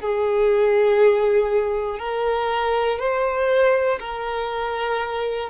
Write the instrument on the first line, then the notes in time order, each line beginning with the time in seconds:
violin
0.00 G#4
1.99 A#4
2.99 C5
3.99 A#4